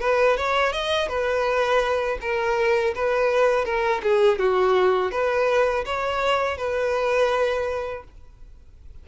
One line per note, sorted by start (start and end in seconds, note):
0.00 0.37 B4
0.37 0.72 C#5
0.72 1.08 D#5
1.08 2.18 B4
2.21 2.94 A#4
2.95 3.65 B4
3.65 4.01 A#4
4.03 4.38 G#4
4.38 5.11 F#4
5.11 5.84 B4
5.85 6.57 C#5
6.57 8.04 B4